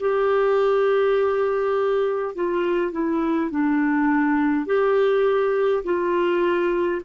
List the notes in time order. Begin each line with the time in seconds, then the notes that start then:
0.00 G4
2.35 F4
2.91 E4
3.50 D4
4.66 G4
5.84 F4